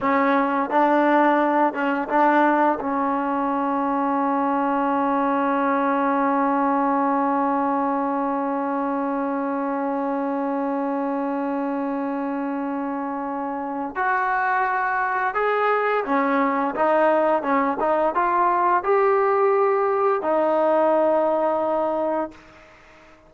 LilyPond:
\new Staff \with { instrumentName = "trombone" } { \time 4/4 \tempo 4 = 86 cis'4 d'4. cis'8 d'4 | cis'1~ | cis'1~ | cis'1~ |
cis'1 | fis'2 gis'4 cis'4 | dis'4 cis'8 dis'8 f'4 g'4~ | g'4 dis'2. | }